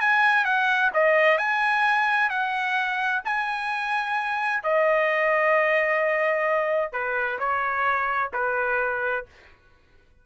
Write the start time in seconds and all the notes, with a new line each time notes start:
0.00 G#5
0.44 F#5
0.93 D#5
1.38 G#5
2.29 F#5
3.25 G#5
4.63 D#5
6.92 B4
7.39 C#5
8.33 B4